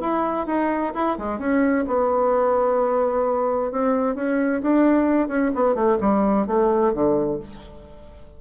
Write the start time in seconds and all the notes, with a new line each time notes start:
0.00 E4
0.46 D#4
0.94 E4
1.18 G#3
1.38 C#4
1.87 B3
3.71 C4
4.15 C#4
4.62 D4
5.28 C#4
5.54 B3
5.74 A3
6.00 G3
6.47 A3
6.93 D3